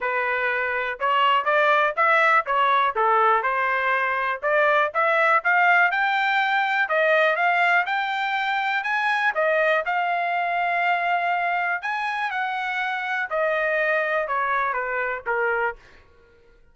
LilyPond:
\new Staff \with { instrumentName = "trumpet" } { \time 4/4 \tempo 4 = 122 b'2 cis''4 d''4 | e''4 cis''4 a'4 c''4~ | c''4 d''4 e''4 f''4 | g''2 dis''4 f''4 |
g''2 gis''4 dis''4 | f''1 | gis''4 fis''2 dis''4~ | dis''4 cis''4 b'4 ais'4 | }